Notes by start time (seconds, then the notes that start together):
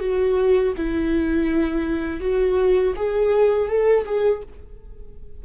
0.00 F#4
0.76 E4
2.21 F#4
2.96 G#4
3.68 A4
4.05 G#4